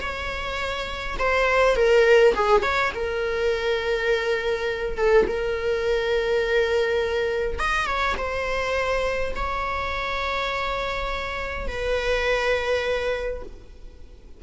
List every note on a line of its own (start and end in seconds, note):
0.00 1.17 C#5
1.18 1.76 C5
1.76 2.34 A#4
2.34 2.62 G#4
2.62 2.91 C#5
2.94 4.97 A#4
4.97 5.26 A4
5.27 7.59 A#4
7.59 7.86 D#5
7.86 8.15 C#5
8.17 9.34 C5
9.35 11.68 C#5
11.68 13.42 B4